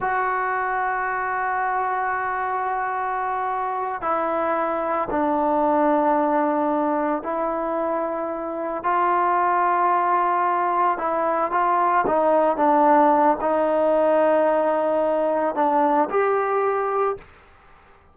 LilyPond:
\new Staff \with { instrumentName = "trombone" } { \time 4/4 \tempo 4 = 112 fis'1~ | fis'2.~ fis'8 e'8~ | e'4. d'2~ d'8~ | d'4. e'2~ e'8~ |
e'8 f'2.~ f'8~ | f'8 e'4 f'4 dis'4 d'8~ | d'4 dis'2.~ | dis'4 d'4 g'2 | }